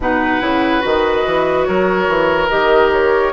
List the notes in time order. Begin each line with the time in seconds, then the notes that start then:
0.00 B2 D#4 B4 F#5
0.41 C#3 E4
0.80 D#3 F#4 D#5
1.26 E3
1.64 F#3 A#4 C#5
2.08 E3
2.48 D#3 G4 D#5
2.92 C#5